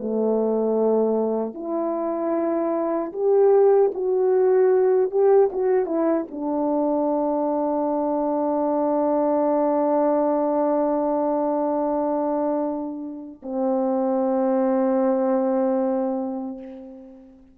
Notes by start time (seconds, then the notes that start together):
0.00 A3
1.54 E4
3.13 G4
3.94 F#4
5.11 G4
5.52 F#4
5.86 E4
6.31 D4
13.42 C4